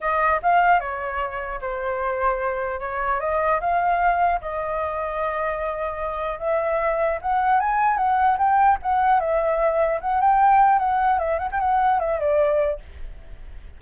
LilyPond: \new Staff \with { instrumentName = "flute" } { \time 4/4 \tempo 4 = 150 dis''4 f''4 cis''2 | c''2. cis''4 | dis''4 f''2 dis''4~ | dis''1 |
e''2 fis''4 gis''4 | fis''4 g''4 fis''4 e''4~ | e''4 fis''8 g''4. fis''4 | e''8 fis''16 g''16 fis''4 e''8 d''4. | }